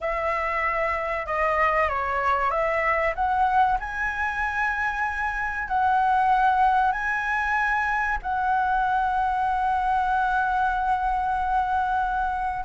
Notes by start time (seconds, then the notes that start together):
0.01 E5
1.26 D#5
1.88 C#5
2.50 E5
3.15 F#5
3.79 G#5
5.68 F#5
6.92 G#5
8.22 F#5